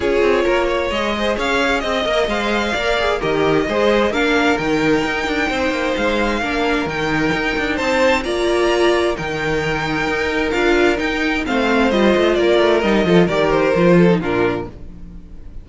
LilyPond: <<
  \new Staff \with { instrumentName = "violin" } { \time 4/4 \tempo 4 = 131 cis''2 dis''4 f''4 | dis''4 f''2 dis''4~ | dis''4 f''4 g''2~ | g''4 f''2 g''4~ |
g''4 a''4 ais''2 | g''2. f''4 | g''4 f''4 dis''4 d''4 | dis''4 d''8 c''4. ais'4 | }
  \new Staff \with { instrumentName = "violin" } { \time 4/4 gis'4 ais'8 cis''4 c''8 cis''4 | dis''2 d''4 ais'4 | c''4 ais'2. | c''2 ais'2~ |
ais'4 c''4 d''2 | ais'1~ | ais'4 c''2 ais'4~ | ais'8 a'8 ais'4. a'8 f'4 | }
  \new Staff \with { instrumentName = "viola" } { \time 4/4 f'2 gis'2~ | gis'8 ais'8 c''4 ais'8 gis'8 g'4 | gis'4 d'4 dis'2~ | dis'2 d'4 dis'4~ |
dis'2 f'2 | dis'2. f'4 | dis'4 c'4 f'2 | dis'8 f'8 g'4 f'8. dis'16 d'4 | }
  \new Staff \with { instrumentName = "cello" } { \time 4/4 cis'8 c'8 ais4 gis4 cis'4 | c'8 ais8 gis4 ais4 dis4 | gis4 ais4 dis4 dis'8 d'8 | c'8 ais8 gis4 ais4 dis4 |
dis'8 d'8 c'4 ais2 | dis2 dis'4 d'4 | dis'4 a4 g8 a8 ais8 a8 | g8 f8 dis4 f4 ais,4 | }
>>